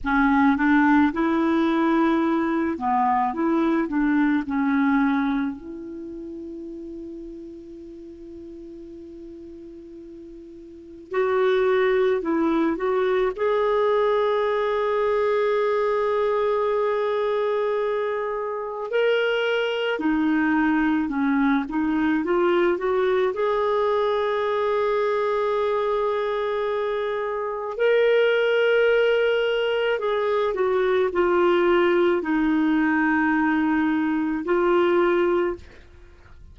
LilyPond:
\new Staff \with { instrumentName = "clarinet" } { \time 4/4 \tempo 4 = 54 cis'8 d'8 e'4. b8 e'8 d'8 | cis'4 e'2.~ | e'2 fis'4 e'8 fis'8 | gis'1~ |
gis'4 ais'4 dis'4 cis'8 dis'8 | f'8 fis'8 gis'2.~ | gis'4 ais'2 gis'8 fis'8 | f'4 dis'2 f'4 | }